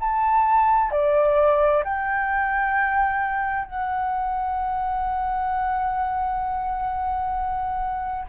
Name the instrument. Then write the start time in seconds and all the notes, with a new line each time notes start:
flute
0.00 A5
0.91 D5
1.84 G5
3.65 F#5